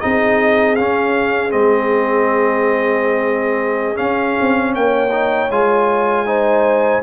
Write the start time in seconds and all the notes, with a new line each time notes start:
0.00 C4 D#4 G#4 D#5
0.75 C#4 F5
1.49 G#3 C4 D#5
3.95 C#4 F5
4.40 C4
4.75 A#3 C#5 G5
5.10 D#4
5.49 G#3 F4 G#5
6.25 D#4 C5